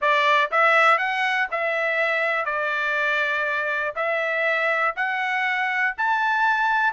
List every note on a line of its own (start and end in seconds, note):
0.01 0.50 D5
0.51 0.98 E5
0.98 1.47 F#5
1.51 2.45 E5
2.45 3.94 D5
3.95 4.94 E5
4.96 5.95 F#5
5.97 6.93 A5